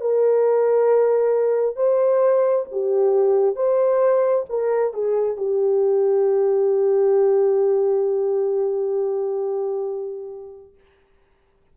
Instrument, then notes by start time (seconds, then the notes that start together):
horn
0.00 A#4
1.76 C5
2.71 G4
3.55 C5
4.49 A#4
4.93 G#4
5.36 G4